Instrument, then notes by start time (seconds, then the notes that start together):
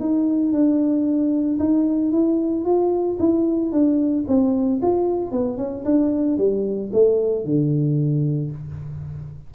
tuba
0.00 D#4
0.52 D4
1.59 D#4
2.12 E4
2.65 F4
3.19 E4
3.72 D4
4.28 C4
4.82 F4
5.31 B3
5.58 C#4
5.85 D4
6.38 G3
6.93 A3
7.45 D3